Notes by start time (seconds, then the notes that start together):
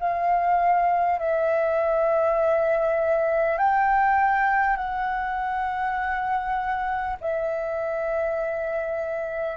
0.00 F5
1.19 E5
3.58 G5
4.76 F#5
7.21 E5